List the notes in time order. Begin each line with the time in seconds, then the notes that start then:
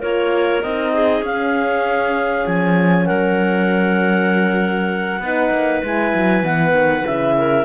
0.00 A#3 F4 A#4 C#5
0.62 C4 D#4 D#5
0.93 G#4
1.21 C#4 F5
2.46 F3 G#5
3.05 F#3 A#4 F#5
5.19 B3 D#4 B4
5.51 A#3
5.83 G#3 E4 G#5
6.14 F#3
6.43 E3 B3 F#5
6.73 D#3
7.05 C#3 E4 E5
7.37 A#4